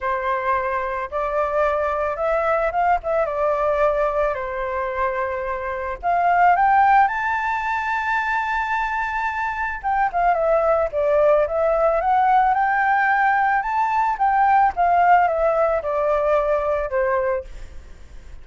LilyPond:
\new Staff \with { instrumentName = "flute" } { \time 4/4 \tempo 4 = 110 c''2 d''2 | e''4 f''8 e''8 d''2 | c''2. f''4 | g''4 a''2.~ |
a''2 g''8 f''8 e''4 | d''4 e''4 fis''4 g''4~ | g''4 a''4 g''4 f''4 | e''4 d''2 c''4 | }